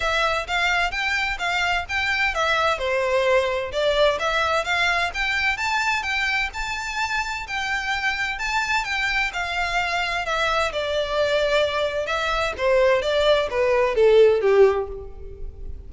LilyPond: \new Staff \with { instrumentName = "violin" } { \time 4/4 \tempo 4 = 129 e''4 f''4 g''4 f''4 | g''4 e''4 c''2 | d''4 e''4 f''4 g''4 | a''4 g''4 a''2 |
g''2 a''4 g''4 | f''2 e''4 d''4~ | d''2 e''4 c''4 | d''4 b'4 a'4 g'4 | }